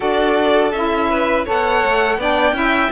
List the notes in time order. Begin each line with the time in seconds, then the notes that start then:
0.00 D4 F#4 A4 D5
0.72 C#4 E4 E5
1.10 B4
1.45 B3 A4 C#5 F#5
1.85 A3
2.17 B3 D4 D5 G5
2.52 C#4 E4 E5